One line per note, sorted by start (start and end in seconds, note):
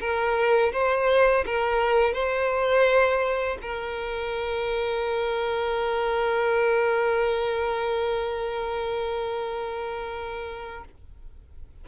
0.00 0.72 A#4
0.73 1.45 C5
1.46 2.14 A#4
2.14 3.58 C5
3.62 10.85 A#4